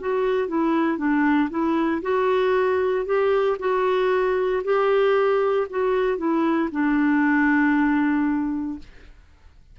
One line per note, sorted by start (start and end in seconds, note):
0.00 0.48 F#4
0.48 0.97 E4
0.97 1.49 D4
1.50 2.01 E4
2.02 3.05 F#4
3.05 3.57 G4
3.59 4.63 F#4
4.64 5.67 G4
5.69 6.17 F#4
6.17 6.69 E4
6.71 8.78 D4